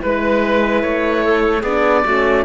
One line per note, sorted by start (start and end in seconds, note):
0.00 0.83 G#3
0.00 1.62 E4
0.00 0.82 B4
0.00 1.25 B4
0.82 1.63 A3
0.82 1.63 C#5
1.25 1.61 A4
1.61 2.04 B3
1.61 2.06 D4
1.61 2.02 G#4
1.61 2.45 D5
2.04 2.45 A3
2.04 2.45 C#4
2.04 2.44 F#4